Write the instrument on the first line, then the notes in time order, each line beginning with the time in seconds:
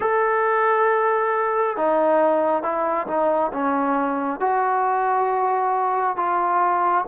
trombone
0.00 A4
1.76 D#4
2.62 E4
3.07 D#4
3.53 C#4
4.40 F#4
6.16 F4